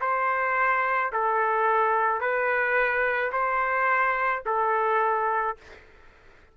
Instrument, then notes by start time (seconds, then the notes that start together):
trumpet
0.00 C5
1.12 A4
2.20 B4
3.32 C5
4.45 A4